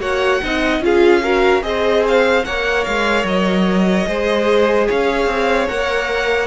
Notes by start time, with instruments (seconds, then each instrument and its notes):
0.00 cello A#3, viola F#4, violin C#5 F#5
0.44 cello C4, viola D#4, violin D#5
0.80 cello C#4, viola F4, violin G#4 F5
1.23 viola F#4, violin A#4
1.62 cello C4, viola G#4, violin C5 D#5
2.08 violin F5
2.45 cello A#3, viola A#4, violin C#5 F#5
2.84 cello G#3, violin F5
3.24 cello F#3, violin D#5
4.07 cello G#3, viola G#4, violin C5
4.88 cello C#4, violin C#5 F5
5.26 cello C4
5.68 cello A#3, viola A#4, violin F#5